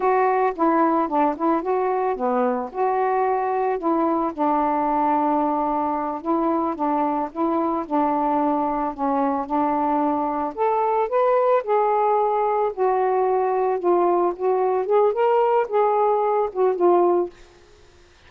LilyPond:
\new Staff \with { instrumentName = "saxophone" } { \time 4/4 \tempo 4 = 111 fis'4 e'4 d'8 e'8 fis'4 | b4 fis'2 e'4 | d'2.~ d'8 e'8~ | e'8 d'4 e'4 d'4.~ |
d'8 cis'4 d'2 a'8~ | a'8 b'4 gis'2 fis'8~ | fis'4. f'4 fis'4 gis'8 | ais'4 gis'4. fis'8 f'4 | }